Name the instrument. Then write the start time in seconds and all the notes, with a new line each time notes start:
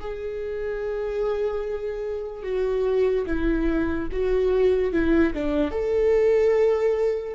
viola
0.00 G#4
2.43 F#4
3.27 E4
4.12 F#4
4.92 E4
5.34 D4
5.71 A4